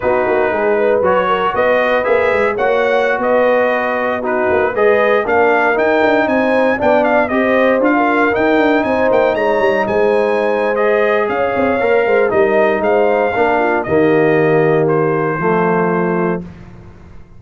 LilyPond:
<<
  \new Staff \with { instrumentName = "trumpet" } { \time 4/4 \tempo 4 = 117 b'2 cis''4 dis''4 | e''4 fis''4~ fis''16 dis''4.~ dis''16~ | dis''16 b'4 dis''4 f''4 g''8.~ | g''16 gis''4 g''8 f''8 dis''4 f''8.~ |
f''16 g''4 gis''8 g''8 ais''4 gis''8.~ | gis''4 dis''4 f''2 | dis''4 f''2 dis''4~ | dis''4 c''2. | }
  \new Staff \with { instrumentName = "horn" } { \time 4/4 fis'4 gis'8 b'4 ais'8 b'4~ | b'4 cis''4~ cis''16 b'4.~ b'16~ | b'16 fis'4 b'4 ais'4.~ ais'16~ | ais'16 c''4 d''4 c''4~ c''16 ais'8~ |
ais'4~ ais'16 c''4 cis''4 c''8.~ | c''2 cis''4. c''8 | ais'4 c''4 ais'8 f'8 g'4~ | g'2 f'2 | }
  \new Staff \with { instrumentName = "trombone" } { \time 4/4 dis'2 fis'2 | gis'4 fis'2.~ | fis'16 dis'4 gis'4 d'4 dis'8.~ | dis'4~ dis'16 d'4 g'4 f'8.~ |
f'16 dis'2.~ dis'8.~ | dis'4 gis'2 ais'4 | dis'2 d'4 ais4~ | ais2 a2 | }
  \new Staff \with { instrumentName = "tuba" } { \time 4/4 b8 ais8 gis4 fis4 b4 | ais8 gis8 ais4~ ais16 b4.~ b16~ | b8. ais8 gis4 ais4 dis'8 d'16~ | d'16 c'4 b4 c'4 d'8.~ |
d'16 dis'8 d'8 c'8 ais8 gis8 g8 gis8.~ | gis2 cis'8 c'8 ais8 gis8 | g4 gis4 ais4 dis4~ | dis2 f2 | }
>>